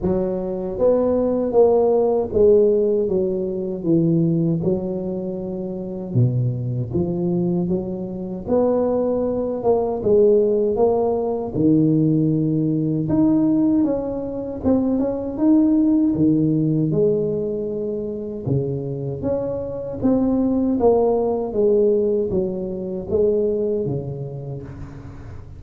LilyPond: \new Staff \with { instrumentName = "tuba" } { \time 4/4 \tempo 4 = 78 fis4 b4 ais4 gis4 | fis4 e4 fis2 | b,4 f4 fis4 b4~ | b8 ais8 gis4 ais4 dis4~ |
dis4 dis'4 cis'4 c'8 cis'8 | dis'4 dis4 gis2 | cis4 cis'4 c'4 ais4 | gis4 fis4 gis4 cis4 | }